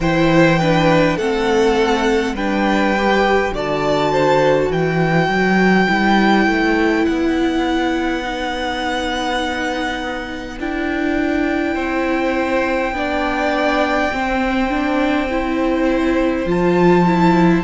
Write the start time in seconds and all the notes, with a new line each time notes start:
0.00 E3 E4 C5 G5
0.58 D4 B4
1.16 A3 C4 A4 F#5
2.33 G3 D4 B4 G5
2.97 G4
3.53 D3 F#4 D5 A5
4.12 C5
4.70 E3 B4 G5
5.28 F#3
5.88 G3 E4
6.47 A3
7.05 B3 F#5
8.23 D#4
10.59 D4 E4 G5
11.75 C4 C5
12.92 B3 D4 D5
14.12 C4 C5
14.69 D4
15.30 E4
16.45 F3 F4 A5
17.05 E4